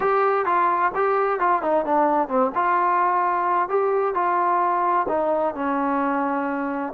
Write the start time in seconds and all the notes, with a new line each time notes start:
0.00 G4
0.45 F4
0.94 G4
1.39 F4
1.62 D#4
1.85 D4
2.28 C4
2.54 F4
3.68 G4
4.14 F4
5.08 D#4
5.54 C#4